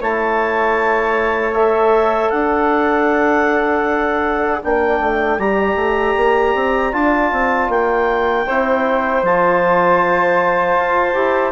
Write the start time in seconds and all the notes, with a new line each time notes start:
0.00 A3 E4 C#5 A5
1.54 A4 E5
2.30 D4 D5 F#5
4.62 A#3 D4 G5
5.00 A3
5.38 G3 G4 A#5
5.75 A3
6.16 A#3
6.54 C4
6.92 D4 F4 A5
7.32 C4
7.69 A#3 G5
8.46 C4 E4 C5
9.23 F3 F4 A5
10.76 F4
11.14 E4 G4